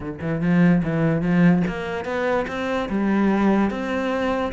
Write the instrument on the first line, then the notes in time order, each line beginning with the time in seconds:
cello
0.00 D3
0.21 E3
0.41 F3
0.83 E3
1.21 F3
1.67 A#3
2.05 B3
2.47 C4
2.89 G3
3.70 C4